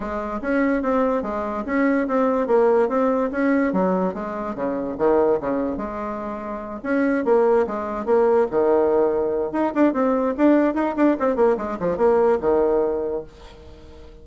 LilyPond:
\new Staff \with { instrumentName = "bassoon" } { \time 4/4 \tempo 4 = 145 gis4 cis'4 c'4 gis4 | cis'4 c'4 ais4 c'4 | cis'4 fis4 gis4 cis4 | dis4 cis4 gis2~ |
gis8 cis'4 ais4 gis4 ais8~ | ais8 dis2~ dis8 dis'8 d'8 | c'4 d'4 dis'8 d'8 c'8 ais8 | gis8 f8 ais4 dis2 | }